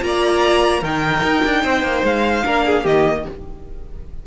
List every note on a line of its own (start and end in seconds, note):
0.00 0.81 A#3
0.00 0.81 F4
0.00 0.79 D5
0.00 0.83 A#5
0.79 1.22 D#3
0.79 2.45 D#4
0.79 1.60 A#4
0.79 2.04 G5
1.23 1.43 D#4
1.44 1.64 D4
1.63 1.82 C4
1.63 2.44 C5
1.82 2.02 A#3
2.03 2.43 G#3
2.03 2.86 F5
2.44 2.84 A#3
2.44 2.84 D4
2.44 2.65 A#4
2.65 2.83 G#4
2.83 3.25 D#3
2.83 3.24 A#3
2.83 3.23 G4
2.83 3.26 D#5